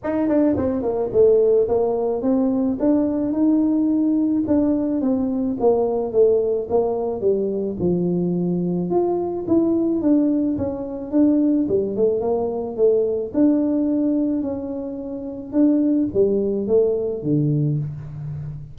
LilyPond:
\new Staff \with { instrumentName = "tuba" } { \time 4/4 \tempo 4 = 108 dis'8 d'8 c'8 ais8 a4 ais4 | c'4 d'4 dis'2 | d'4 c'4 ais4 a4 | ais4 g4 f2 |
f'4 e'4 d'4 cis'4 | d'4 g8 a8 ais4 a4 | d'2 cis'2 | d'4 g4 a4 d4 | }